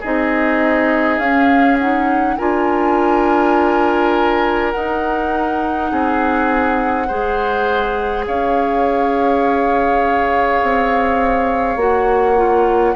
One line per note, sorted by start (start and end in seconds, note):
0.00 1.18 C4
0.00 1.22 D#4
0.00 2.35 G#4
0.00 1.18 D#5
1.18 2.36 C#4
1.18 1.79 C#4
1.18 1.77 F5
1.78 2.38 D#4
1.78 2.37 F#5
2.37 4.74 D4
2.37 4.73 F4
2.37 5.90 A#4
2.37 4.71 G#5
4.71 7.09 D#4
4.71 5.91 D#4
4.71 8.24 F#5
5.91 7.09 C4
5.91 7.07 G#4
7.07 8.27 G#3
7.07 11.78 G#4
7.07 8.25 C5
8.27 10.62 C#4
8.27 12.96 C#5
8.27 11.78 F5
10.62 11.76 C4
11.76 12.94 A#3
11.76 12.36 F#4
11.76 12.96 F#5
12.36 12.95 F4